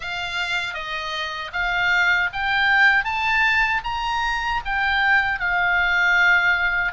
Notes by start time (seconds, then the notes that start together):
0.00 F5
0.74 D#5
1.52 F5
2.33 G5
3.04 A5
3.84 A#5
4.65 G5
5.39 F5